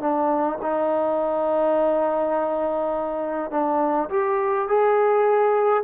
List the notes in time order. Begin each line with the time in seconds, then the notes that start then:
0.00 D4
0.61 D#4
3.50 D4
4.10 G4
4.68 G#4